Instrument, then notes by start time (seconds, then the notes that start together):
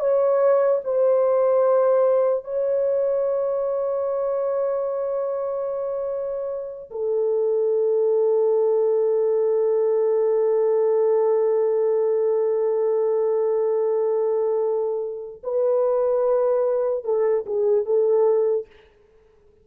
horn
0.00 C#5
0.84 C5
2.45 C#5
6.91 A4
15.44 B4
17.05 A4
17.47 G#4
17.86 A4